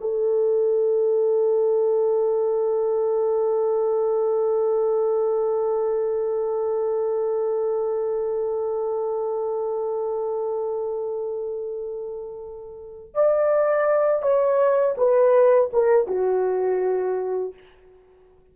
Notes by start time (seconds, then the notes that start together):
0.00 A4
13.14 D5
14.22 C#5
14.97 B4
15.73 A#4
16.07 F#4